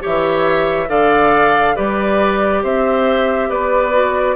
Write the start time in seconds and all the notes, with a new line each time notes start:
0.00 E3 G4 C#5 E5
0.88 D3 A4 D5 F5
1.75 G3 G4 B4 D5
2.63 C4 C5 E5
3.49 B3 B4 D5
3.93 F#4